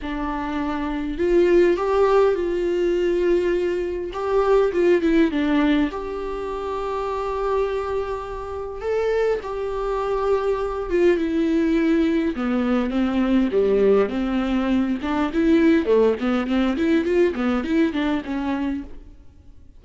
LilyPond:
\new Staff \with { instrumentName = "viola" } { \time 4/4 \tempo 4 = 102 d'2 f'4 g'4 | f'2. g'4 | f'8 e'8 d'4 g'2~ | g'2. a'4 |
g'2~ g'8 f'8 e'4~ | e'4 b4 c'4 g4 | c'4. d'8 e'4 a8 b8 | c'8 e'8 f'8 b8 e'8 d'8 cis'4 | }